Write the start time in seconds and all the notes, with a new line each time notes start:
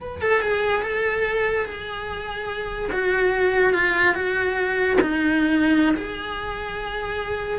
0.01 B4
0.21 A4
0.41 G#4
0.82 A4
1.65 G#4
2.92 F#4
3.73 F4
4.14 F#4
5.01 D#4
5.96 G#4